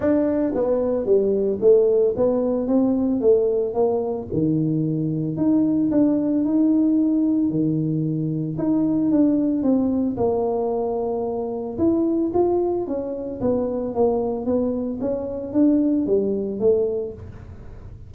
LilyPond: \new Staff \with { instrumentName = "tuba" } { \time 4/4 \tempo 4 = 112 d'4 b4 g4 a4 | b4 c'4 a4 ais4 | dis2 dis'4 d'4 | dis'2 dis2 |
dis'4 d'4 c'4 ais4~ | ais2 e'4 f'4 | cis'4 b4 ais4 b4 | cis'4 d'4 g4 a4 | }